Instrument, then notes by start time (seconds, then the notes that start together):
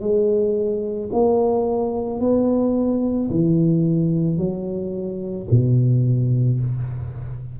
tuba
0.00 G#3
1.12 A#3
2.20 B3
3.30 E3
4.37 F#3
5.50 B2